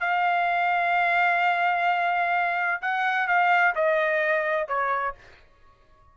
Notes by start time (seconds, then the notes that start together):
0.00 F5
2.82 F#5
3.27 F5
3.75 D#5
4.68 C#5